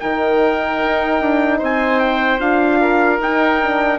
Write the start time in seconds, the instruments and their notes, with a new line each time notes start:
0.00 bassoon D#3, horn D#4, oboe A#4, trumpet G5
0.83 bassoon D#4
1.21 bassoon D4
1.58 bassoon C4, oboe C5, trumpet G#5
2.00 trumpet G5
2.39 bassoon D4, horn F4, trumpet F5
2.81 oboe A#4
3.19 bassoon D#4, horn D#4, trumpet G5
3.63 horn D4